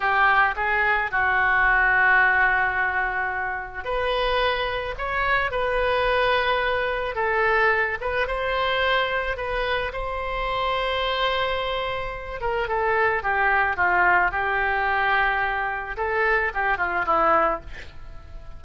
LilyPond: \new Staff \with { instrumentName = "oboe" } { \time 4/4 \tempo 4 = 109 g'4 gis'4 fis'2~ | fis'2. b'4~ | b'4 cis''4 b'2~ | b'4 a'4. b'8 c''4~ |
c''4 b'4 c''2~ | c''2~ c''8 ais'8 a'4 | g'4 f'4 g'2~ | g'4 a'4 g'8 f'8 e'4 | }